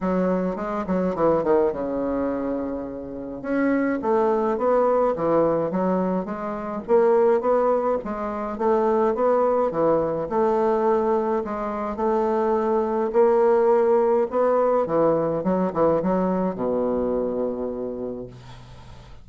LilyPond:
\new Staff \with { instrumentName = "bassoon" } { \time 4/4 \tempo 4 = 105 fis4 gis8 fis8 e8 dis8 cis4~ | cis2 cis'4 a4 | b4 e4 fis4 gis4 | ais4 b4 gis4 a4 |
b4 e4 a2 | gis4 a2 ais4~ | ais4 b4 e4 fis8 e8 | fis4 b,2. | }